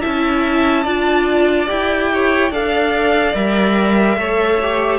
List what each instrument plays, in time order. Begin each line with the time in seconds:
0.00 cello C#4, viola E4, violin E5 A5
0.83 cello D4, viola F4, violin D5
1.66 cello E4, viola G4, violin G5
2.13 violin C#5
2.50 cello D4, viola A4, violin D5 F5
3.34 cello G3, viola A#4, violin E5
4.16 cello A3, viola A4, violin C#5
4.61 viola G4